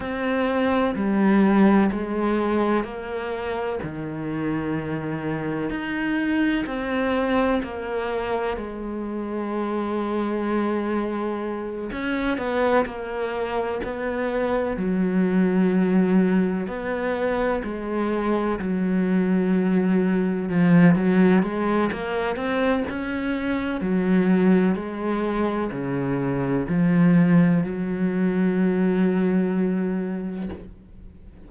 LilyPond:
\new Staff \with { instrumentName = "cello" } { \time 4/4 \tempo 4 = 63 c'4 g4 gis4 ais4 | dis2 dis'4 c'4 | ais4 gis2.~ | gis8 cis'8 b8 ais4 b4 fis8~ |
fis4. b4 gis4 fis8~ | fis4. f8 fis8 gis8 ais8 c'8 | cis'4 fis4 gis4 cis4 | f4 fis2. | }